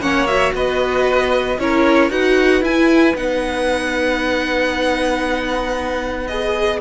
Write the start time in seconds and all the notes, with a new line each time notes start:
0.00 A#3 C#4 C#5 F#5
0.26 F#4 E5
0.53 B3 B4 D#5
1.58 C#4 E4 A#4 C#5
2.10 D#4 F#4 B4 F#5
2.62 E4 G#5
3.15 B3 D#4 F#5
6.27 G#4 D#5